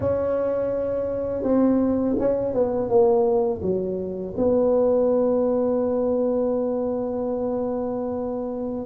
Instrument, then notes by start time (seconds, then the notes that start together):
tuba
0.00 C#4
1.42 C4
2.18 C#4
2.53 B3
2.89 A#3
3.61 F#3
4.36 B3